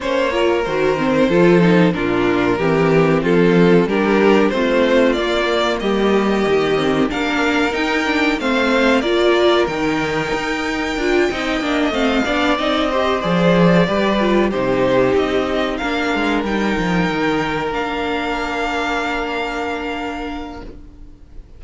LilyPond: <<
  \new Staff \with { instrumentName = "violin" } { \time 4/4 \tempo 4 = 93 cis''4 c''2 ais'4~ | ais'4 a'4 ais'4 c''4 | d''4 dis''2 f''4 | g''4 f''4 d''4 g''4~ |
g''2~ g''8 f''4 dis''8~ | dis''8 d''2 c''4 dis''8~ | dis''8 f''4 g''2 f''8~ | f''1 | }
  \new Staff \with { instrumentName = "violin" } { \time 4/4 c''8 ais'4. a'4 f'4 | g'4 f'4 g'4 f'4~ | f'4 g'2 ais'4~ | ais'4 c''4 ais'2~ |
ais'4. dis''4. d''4 | c''4. b'4 g'4.~ | g'8 ais'2.~ ais'8~ | ais'1 | }
  \new Staff \with { instrumentName = "viola" } { \time 4/4 cis'8 f'8 fis'8 c'8 f'8 dis'8 d'4 | c'2 d'4 c'4 | ais2~ ais8 c'8 d'4 | dis'8 d'8 c'4 f'4 dis'4~ |
dis'4 f'8 dis'8 d'8 c'8 d'8 dis'8 | g'8 gis'4 g'8 f'8 dis'4.~ | dis'8 d'4 dis'2 d'8~ | d'1 | }
  \new Staff \with { instrumentName = "cello" } { \time 4/4 ais4 dis4 f4 ais,4 | e4 f4 g4 a4 | ais4 g4 dis4 ais4 | dis'4 a4 ais4 dis4 |
dis'4 d'8 c'8 ais8 a8 b8 c'8~ | c'8 f4 g4 c4 c'8~ | c'8 ais8 gis8 g8 f8 dis4 ais8~ | ais1 | }
>>